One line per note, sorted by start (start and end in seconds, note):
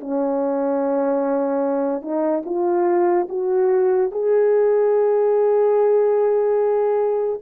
0.00 2.02 C#4
2.02 2.43 D#4
2.45 3.27 F4
3.29 4.11 F#4
4.11 7.40 G#4